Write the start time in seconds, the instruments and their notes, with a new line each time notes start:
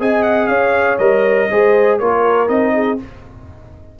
0.00 tuba C4, trombone G#4, horn D#5, trumpet G#5
0.23 trumpet F#5
0.47 tuba C#4, horn C#5, trumpet F5
0.99 tuba G3, trombone A#4, trumpet D#5
1.51 tuba G#3, trombone G#4, horn C5
1.99 tuba A#3, trombone F4, horn A#4, trumpet C#5
2.48 tuba C4, trombone D#4, trumpet D#5
2.75 horn G#4